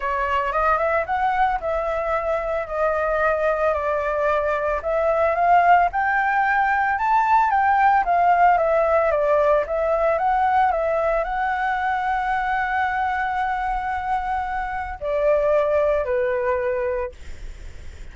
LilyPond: \new Staff \with { instrumentName = "flute" } { \time 4/4 \tempo 4 = 112 cis''4 dis''8 e''8 fis''4 e''4~ | e''4 dis''2 d''4~ | d''4 e''4 f''4 g''4~ | g''4 a''4 g''4 f''4 |
e''4 d''4 e''4 fis''4 | e''4 fis''2.~ | fis''1 | d''2 b'2 | }